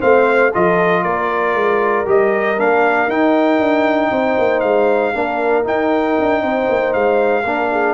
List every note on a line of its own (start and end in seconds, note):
0.00 0.54 A3
0.00 0.51 C4
0.00 0.52 C5
0.00 0.52 F5
0.53 1.04 F3
0.53 2.05 F4
0.53 1.03 A4
0.53 1.03 D#5
1.03 1.54 A#3
1.03 4.10 A#4
1.03 2.06 D5
1.54 2.06 G#3
2.05 2.59 G3
2.05 2.56 G4
2.05 2.59 D#5
2.58 3.07 A#3
2.58 3.09 D4
2.58 3.10 F5
3.07 3.59 D#4
3.07 5.14 D#4
3.07 4.60 G5
3.59 4.10 D4
4.11 4.37 C4
4.11 5.14 C5
4.38 4.63 A#3
4.60 5.14 G#3
4.60 5.63 F5
5.14 5.66 A#3
5.14 5.64 D4
5.14 6.42 A#4
5.64 7.43 D#4
5.64 6.17 D#4
5.64 6.93 G5
6.20 6.42 D4
6.42 6.68 C4
6.42 7.43 C5
6.69 6.94 A#3
6.93 7.44 G#3
6.93 7.94 F5
7.43 7.94 A#3
7.43 7.94 D4
7.43 7.69 A#4
7.71 7.94 G#4